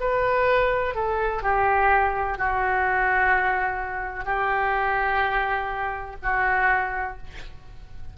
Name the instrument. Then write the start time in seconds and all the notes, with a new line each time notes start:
oboe
0.00 B4
0.95 A4
1.42 G4
2.38 F#4
4.25 G4
6.23 F#4